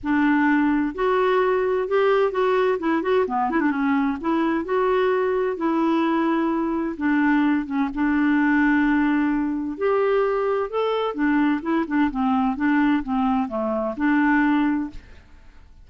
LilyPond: \new Staff \with { instrumentName = "clarinet" } { \time 4/4 \tempo 4 = 129 d'2 fis'2 | g'4 fis'4 e'8 fis'8 b8 e'16 d'16 | cis'4 e'4 fis'2 | e'2. d'4~ |
d'8 cis'8 d'2.~ | d'4 g'2 a'4 | d'4 e'8 d'8 c'4 d'4 | c'4 a4 d'2 | }